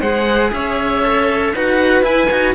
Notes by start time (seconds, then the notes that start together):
0.00 G#3 G#4 C5 F#5
0.52 C#4 C#5 E5
1.03 A4
1.53 D#4 F#4 B4 F#5
2.01 E4 G#5
2.30 D#4 F#4